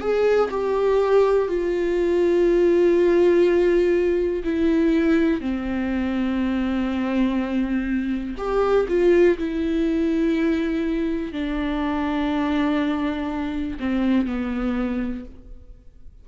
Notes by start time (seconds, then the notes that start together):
0.00 G#4
0.51 G4
1.48 F4
4.44 E4
5.41 C4
8.37 G4
8.88 F4
9.38 E4
11.32 D4
13.79 C4
14.26 B3